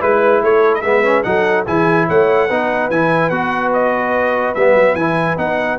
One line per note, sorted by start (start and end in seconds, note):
0.00 0.43 G#3
0.00 0.83 E4
0.00 0.41 B4
0.00 0.44 B4
0.43 0.83 A3
0.43 0.85 A4
0.43 0.75 C#5
0.75 0.82 D#5
0.82 1.24 G#3
0.82 1.04 B3
0.82 1.27 B4
0.82 1.23 E5
1.04 1.25 C#4
1.24 1.67 F#3
1.24 1.66 D#4
1.24 1.66 A4
1.24 1.65 F#5
1.66 2.09 E3
1.66 2.50 E4
1.66 2.07 G#4
1.66 2.09 G#5
2.09 2.51 A3
2.09 2.48 C#5
2.09 2.91 F#5
2.48 2.91 B3
2.48 2.91 D#4
2.48 5.79 B4
2.91 3.31 E3
2.91 3.32 E4
2.91 3.30 G#5
3.30 4.55 B3
3.30 4.56 F#4
3.30 3.71 F#5
3.74 4.55 D#5
4.55 4.75 G3
4.55 4.99 B3
4.55 4.96 E5
4.75 4.95 F#3
4.95 5.37 E3
4.95 5.38 E4
4.95 5.37 G#5
5.38 5.79 B3
5.38 5.79 D#4
5.38 5.79 F#5